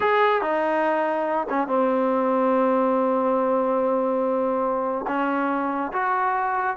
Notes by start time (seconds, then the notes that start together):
0.00 G#4
0.41 D#4
1.49 C#4
1.67 C4
5.07 C#4
5.92 F#4